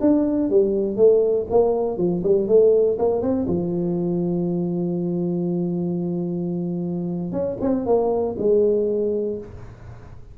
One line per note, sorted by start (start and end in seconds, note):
0.00 0.49 D4
0.49 0.96 G3
0.96 1.46 A3
1.50 1.97 A#3
1.97 2.22 F3
2.23 2.48 G3
2.48 2.97 A3
2.98 3.21 A#3
3.21 3.46 C4
3.47 7.32 F3
7.32 7.57 C#4
7.61 7.85 C4
7.85 8.35 A#3
8.38 9.38 G#3